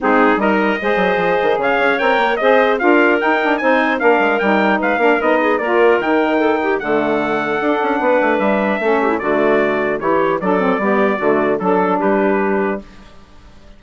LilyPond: <<
  \new Staff \with { instrumentName = "trumpet" } { \time 4/4 \tempo 4 = 150 gis'4 dis''2. | f''4 g''4 dis''4 f''4 | g''4 gis''4 f''4 g''4 | f''4 dis''4 d''4 g''4~ |
g''4 fis''2.~ | fis''4 e''2 d''4~ | d''4 cis''4 d''2~ | d''4 a'4 b'2 | }
  \new Staff \with { instrumentName = "clarinet" } { \time 4/4 dis'4 ais'4 c''2 | cis''2 c''4 ais'4~ | ais'4 c''4 ais'2 | b'8 ais'4 gis'8 ais'2 |
a'8 g'8 a'2. | b'2 a'8 g'16 e'16 fis'4~ | fis'4 g'4 a'4 g'4 | fis'4 a'4 g'2 | }
  \new Staff \with { instrumentName = "saxophone" } { \time 4/4 c'4 dis'4 gis'2~ | gis'4 ais'4 gis'4 f'4 | dis'8 d'8 dis'4 d'4 dis'4~ | dis'8 d'8 dis'4 f'4 dis'4~ |
dis'4 a2 d'4~ | d'2 cis'4 a4~ | a4 e'4 d'8 c'8 b4 | a4 d'2. | }
  \new Staff \with { instrumentName = "bassoon" } { \time 4/4 gis4 g4 gis8 fis8 f8 dis8 | cis8 cis'8 c'8 ais8 c'4 d'4 | dis'4 c'4 ais8 gis8 g4 | gis8 ais8 b4 ais4 dis4~ |
dis4 d2 d'8 cis'8 | b8 a8 g4 a4 d4~ | d4 e4 fis4 g4 | d4 fis4 g2 | }
>>